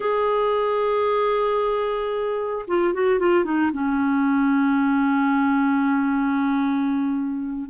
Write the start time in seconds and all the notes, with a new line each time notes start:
0.00 G#4
2.67 F4
2.93 F#4
3.19 F4
3.44 D#4
3.72 C#4